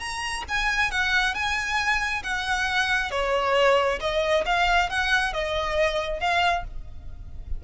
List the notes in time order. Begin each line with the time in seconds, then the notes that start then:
0.00 A#5
0.49 G#5
0.92 F#5
1.35 G#5
2.23 F#5
3.11 C#5
4.01 D#5
4.46 F5
4.90 F#5
5.34 D#5
6.20 F5